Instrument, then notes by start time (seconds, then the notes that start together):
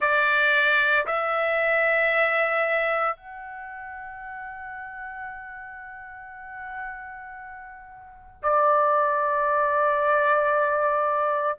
trumpet
0.00 D5
1.06 E5
3.16 F#5
8.42 D5